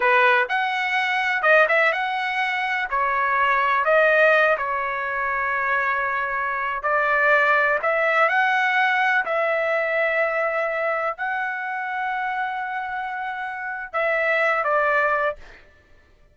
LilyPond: \new Staff \with { instrumentName = "trumpet" } { \time 4/4 \tempo 4 = 125 b'4 fis''2 dis''8 e''8 | fis''2 cis''2 | dis''4. cis''2~ cis''8~ | cis''2~ cis''16 d''4.~ d''16~ |
d''16 e''4 fis''2 e''8.~ | e''2.~ e''16 fis''8.~ | fis''1~ | fis''4 e''4. d''4. | }